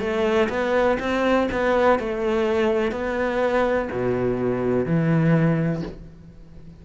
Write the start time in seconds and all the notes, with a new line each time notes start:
0.00 A3
0.49 B3
1.00 C4
1.52 B3
1.99 A3
2.92 B3
3.91 B2
4.86 E3